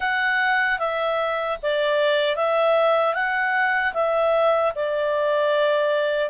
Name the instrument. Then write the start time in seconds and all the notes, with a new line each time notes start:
clarinet
0.00 F#5
0.79 E5
1.62 D5
2.35 E5
3.14 F#5
3.93 E5
4.75 D5